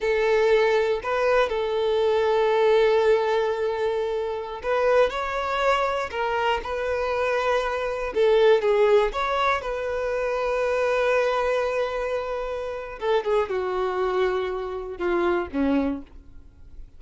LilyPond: \new Staff \with { instrumentName = "violin" } { \time 4/4 \tempo 4 = 120 a'2 b'4 a'4~ | a'1~ | a'4~ a'16 b'4 cis''4.~ cis''16~ | cis''16 ais'4 b'2~ b'8.~ |
b'16 a'4 gis'4 cis''4 b'8.~ | b'1~ | b'2 a'8 gis'8 fis'4~ | fis'2 f'4 cis'4 | }